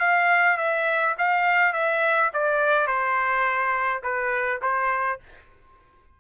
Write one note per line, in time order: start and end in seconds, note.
0.00 0.57 F5
0.57 1.15 E5
1.18 1.73 F5
1.73 2.31 E5
2.33 2.87 D5
2.87 4.02 C5
4.03 4.60 B4
4.62 5.19 C5